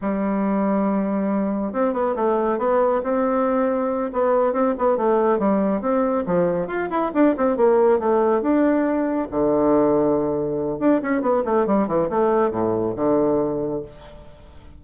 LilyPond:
\new Staff \with { instrumentName = "bassoon" } { \time 4/4 \tempo 4 = 139 g1 | c'8 b8 a4 b4 c'4~ | c'4. b4 c'8 b8 a8~ | a8 g4 c'4 f4 f'8 |
e'8 d'8 c'8 ais4 a4 d'8~ | d'4. d2~ d8~ | d4 d'8 cis'8 b8 a8 g8 e8 | a4 a,4 d2 | }